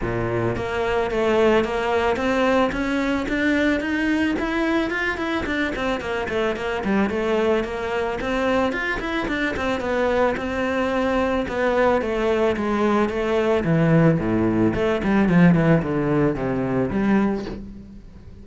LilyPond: \new Staff \with { instrumentName = "cello" } { \time 4/4 \tempo 4 = 110 ais,4 ais4 a4 ais4 | c'4 cis'4 d'4 dis'4 | e'4 f'8 e'8 d'8 c'8 ais8 a8 | ais8 g8 a4 ais4 c'4 |
f'8 e'8 d'8 c'8 b4 c'4~ | c'4 b4 a4 gis4 | a4 e4 a,4 a8 g8 | f8 e8 d4 c4 g4 | }